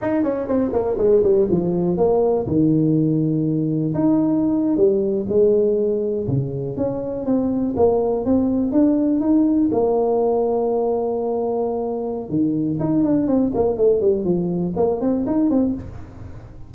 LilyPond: \new Staff \with { instrumentName = "tuba" } { \time 4/4 \tempo 4 = 122 dis'8 cis'8 c'8 ais8 gis8 g8 f4 | ais4 dis2. | dis'4.~ dis'16 g4 gis4~ gis16~ | gis8. cis4 cis'4 c'4 ais16~ |
ais8. c'4 d'4 dis'4 ais16~ | ais1~ | ais4 dis4 dis'8 d'8 c'8 ais8 | a8 g8 f4 ais8 c'8 dis'8 c'8 | }